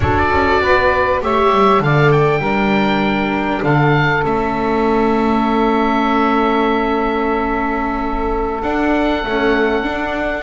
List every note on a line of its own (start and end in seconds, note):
0.00 0.30 D4
0.00 1.21 F#4
0.00 0.62 A4
0.00 1.20 D5
0.30 0.60 C#4
0.60 1.20 B3
0.60 1.22 B4
1.21 1.50 A3
1.21 1.80 G4
1.21 1.82 C#5
1.21 1.82 E5
1.50 1.80 G3
1.80 2.39 D3
1.80 2.41 A4
1.80 2.40 D5
1.80 2.11 F5
2.11 3.63 G5
2.39 3.60 G3
2.39 4.22 D4
2.39 3.61 A#4
3.62 4.23 D3
3.62 10.43 A4
3.62 4.24 F5
4.22 8.63 A3
4.22 8.61 C#4
4.22 8.62 E5
8.62 9.23 D4
8.62 9.25 D4
8.62 10.43 F#5
9.23 9.83 A3
9.23 9.86 C#4
9.83 10.43 D4